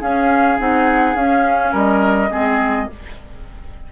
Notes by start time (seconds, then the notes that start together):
0.00 C#4 G#4 F5
0.58 C4 D#4 F#5
1.15 C#4 F5
1.72 G3 A#4 D#5
2.30 G#3 C4 G#4